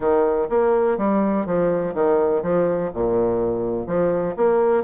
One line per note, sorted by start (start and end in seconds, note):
0.00 0.48 D#3
0.49 0.97 A#3
0.97 1.45 G3
1.45 1.94 F3
1.94 2.42 D#3
2.42 2.90 F3
2.93 3.87 A#2
3.87 4.35 F3
4.36 4.83 A#3